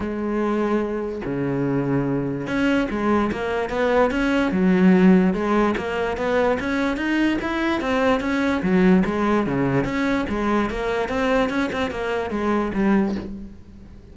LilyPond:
\new Staff \with { instrumentName = "cello" } { \time 4/4 \tempo 4 = 146 gis2. cis4~ | cis2 cis'4 gis4 | ais4 b4 cis'4 fis4~ | fis4 gis4 ais4 b4 |
cis'4 dis'4 e'4 c'4 | cis'4 fis4 gis4 cis4 | cis'4 gis4 ais4 c'4 | cis'8 c'8 ais4 gis4 g4 | }